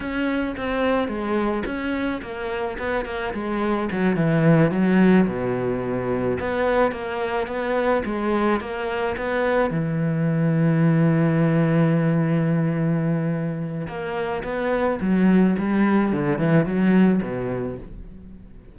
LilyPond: \new Staff \with { instrumentName = "cello" } { \time 4/4 \tempo 4 = 108 cis'4 c'4 gis4 cis'4 | ais4 b8 ais8 gis4 fis8 e8~ | e8 fis4 b,2 b8~ | b8 ais4 b4 gis4 ais8~ |
ais8 b4 e2~ e8~ | e1~ | e4 ais4 b4 fis4 | g4 d8 e8 fis4 b,4 | }